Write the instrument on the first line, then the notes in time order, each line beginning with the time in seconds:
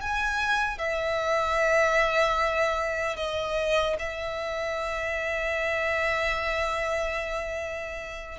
violin
0.00 G#5
0.78 E5
3.16 D#5
3.99 E5